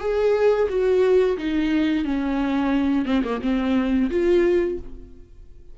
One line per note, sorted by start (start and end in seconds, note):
0.00 0.68 G#4
0.69 1.38 F#4
1.38 2.05 D#4
2.05 3.06 C#4
3.06 3.23 C4
3.24 3.41 A#3
3.42 4.10 C4
4.11 4.79 F4